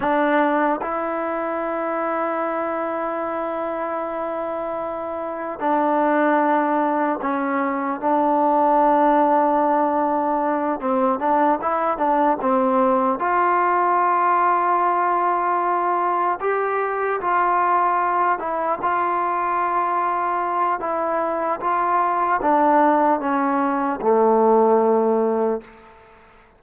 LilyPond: \new Staff \with { instrumentName = "trombone" } { \time 4/4 \tempo 4 = 75 d'4 e'2.~ | e'2. d'4~ | d'4 cis'4 d'2~ | d'4. c'8 d'8 e'8 d'8 c'8~ |
c'8 f'2.~ f'8~ | f'8 g'4 f'4. e'8 f'8~ | f'2 e'4 f'4 | d'4 cis'4 a2 | }